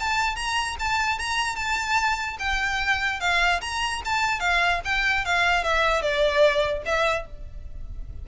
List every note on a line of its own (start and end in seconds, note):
0.00 0.36 A5
0.36 0.76 A#5
0.80 1.19 A5
1.19 1.56 A#5
1.56 2.37 A5
2.39 3.20 G5
3.20 3.61 F5
3.61 4.02 A#5
4.05 4.40 A5
4.40 4.81 F5
4.85 5.25 G5
5.25 5.64 F5
5.64 6.02 E5
6.02 6.83 D5
6.86 7.26 E5